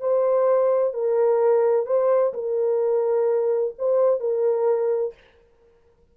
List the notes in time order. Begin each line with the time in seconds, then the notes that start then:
0.00 C5
0.94 A#4
1.86 C5
2.34 A#4
3.78 C5
4.20 A#4